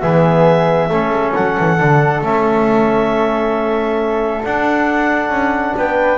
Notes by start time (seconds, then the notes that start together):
0.00 E3 B3 G#4 E5
0.89 A3 C#4 A4
1.10 G#3
1.35 F#3 F#5
1.60 E3
1.79 D3 D4
2.21 A3 C#4 E5
4.43 D4 F#5
5.30 C#4
5.77 B3 B4 G5